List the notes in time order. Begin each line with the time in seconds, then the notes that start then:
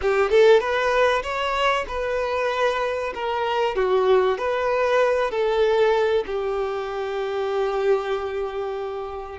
0.01 G4
0.30 A4
0.59 B4
1.22 C#5
1.88 B4
3.14 A#4
3.75 F#4
4.38 B4
5.30 A4
6.26 G4